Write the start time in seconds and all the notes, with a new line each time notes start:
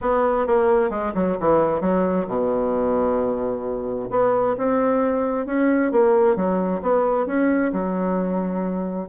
0.01 B3
0.46 A#3
0.89 G#3
1.14 F#3
1.40 E3
1.80 F#3
2.27 B2
4.10 B3
4.57 C4
5.45 C#4
5.91 A#3
6.36 F#3
6.82 B3
7.26 C#4
7.73 F#3